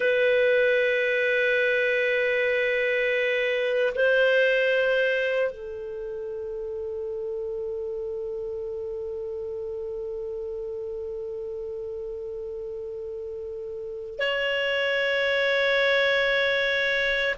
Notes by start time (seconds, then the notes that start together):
0.00 B4
3.95 C5
5.50 A4
14.19 C#5